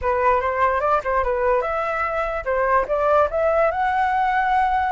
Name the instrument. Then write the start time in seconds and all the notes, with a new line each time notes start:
flute
0.01 B4
0.40 C5
0.80 D5
1.03 C5
1.23 B4
1.61 E5
2.44 C5
2.87 D5
3.30 E5
3.71 F#5